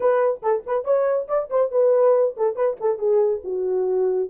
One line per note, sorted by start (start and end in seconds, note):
0.00 0.41 B4
0.42 0.64 A4
0.66 0.84 B4
0.84 1.27 C#5
1.27 1.49 D5
1.49 1.71 C5
1.71 2.35 B4
2.36 2.55 A4
2.55 2.76 B4
2.80 2.98 A4
2.98 3.41 G#4
3.44 4.29 F#4